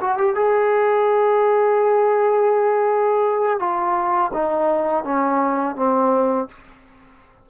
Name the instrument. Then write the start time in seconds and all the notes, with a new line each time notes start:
trombone
0.00 F#4
0.17 G4
0.35 G#4
3.59 F4
4.33 D#4
5.04 C#4
5.76 C4